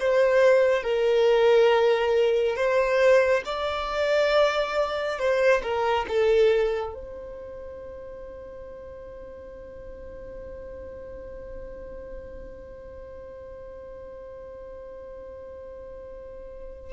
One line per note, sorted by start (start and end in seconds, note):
0.00 0.83 C5
0.83 2.57 A#4
2.57 3.43 C5
3.45 5.19 D5
5.19 5.63 C5
5.63 6.07 A#4
6.09 6.94 A4
6.94 16.93 C5